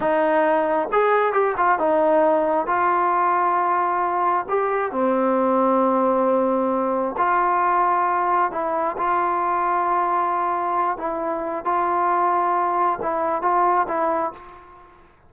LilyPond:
\new Staff \with { instrumentName = "trombone" } { \time 4/4 \tempo 4 = 134 dis'2 gis'4 g'8 f'8 | dis'2 f'2~ | f'2 g'4 c'4~ | c'1 |
f'2. e'4 | f'1~ | f'8 e'4. f'2~ | f'4 e'4 f'4 e'4 | }